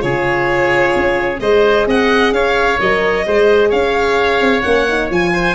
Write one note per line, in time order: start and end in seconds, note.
0.00 0.96 C#3
0.00 1.38 F4
0.00 1.42 G#4
0.00 1.40 C#5
0.96 1.41 C#4
1.40 1.87 G#3
1.40 2.80 G#4
1.40 1.88 C5
1.40 1.87 D#5
1.87 2.32 C4
1.87 2.34 D#5
1.87 2.34 F#5
2.32 2.78 C#4
2.32 3.27 C#5
2.32 2.80 F5
2.80 3.27 F#3
2.80 3.26 A#4
2.80 3.71 D#5
3.27 3.73 G#3
3.27 4.65 G#4
3.27 3.70 C5
3.70 4.41 C#4
3.70 5.31 C#5
3.70 4.62 F5
4.41 4.64 C4
4.62 5.11 A#3
4.62 4.88 C#4
4.62 5.08 F#5
4.89 5.10 D#4
5.10 5.56 F3
5.10 5.56 F4
5.10 5.56 G#5
5.33 5.56 C5